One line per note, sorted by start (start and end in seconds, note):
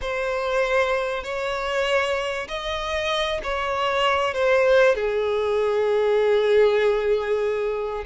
0.01 1.23 C5
1.23 2.47 C#5
2.47 3.40 D#5
3.43 4.34 C#5
4.34 4.95 C5
4.95 8.04 G#4